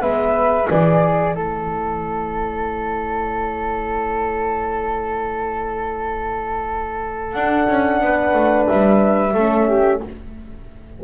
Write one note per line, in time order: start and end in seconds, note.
0.00 0.68 G#3
0.00 0.66 B3
0.00 0.67 B4
0.00 0.69 E5
0.66 1.36 E3
0.66 7.32 E4
0.66 1.34 G#4
0.66 1.36 D5
1.35 7.34 A3
1.35 8.02 A4
1.35 7.32 C#5
7.32 7.68 D4
7.32 9.35 D4
7.32 8.66 F#5
7.68 8.01 C#4
8.01 8.34 B3
8.01 9.34 B4
8.34 8.67 A3
8.67 9.34 G3
8.67 10.01 E5
9.34 10.01 A3
9.34 10.04 C#4
9.34 9.67 A4
9.68 10.01 G4